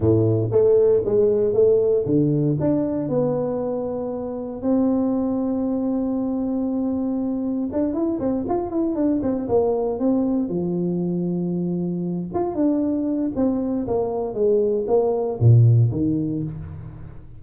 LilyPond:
\new Staff \with { instrumentName = "tuba" } { \time 4/4 \tempo 4 = 117 a,4 a4 gis4 a4 | d4 d'4 b2~ | b4 c'2.~ | c'2. d'8 e'8 |
c'8 f'8 e'8 d'8 c'8 ais4 c'8~ | c'8 f2.~ f8 | f'8 d'4. c'4 ais4 | gis4 ais4 ais,4 dis4 | }